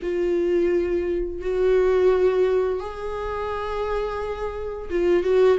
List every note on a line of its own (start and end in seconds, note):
0.02 1.41 F4
1.41 2.80 F#4
2.80 4.89 G#4
4.90 5.23 F4
5.23 5.58 F#4